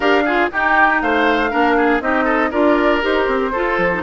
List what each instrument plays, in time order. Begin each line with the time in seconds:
0.00 bassoon D4, clarinet G4, oboe A#4, flute F5
0.25 clarinet F4, oboe G#4
0.52 clarinet D#4, bassoon D#4, oboe G4, flute G5
1.01 bassoon A3, oboe C5, flute F5
1.50 bassoon A#3, clarinet D4, oboe A#4
1.76 oboe G#4
2.00 bassoon C4, clarinet D#4, oboe G4, flute D#5
2.24 oboe A4
2.50 bassoon D4, clarinet F4, oboe A#4, flute D5
3.01 bassoon D#4, clarinet G4, flute C5
3.27 bassoon C4
3.52 clarinet F4, bassoon F4, oboe A4
3.78 bassoon F3
3.93 clarinet D#4